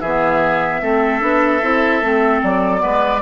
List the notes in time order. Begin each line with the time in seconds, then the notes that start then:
0.00 E3 B3 G#4 E5
0.81 A3 C4 A4
1.20 B3 D4
1.62 C4 E4
2.01 A3 C4
2.42 F#3 D5
2.78 G#3 B3 B4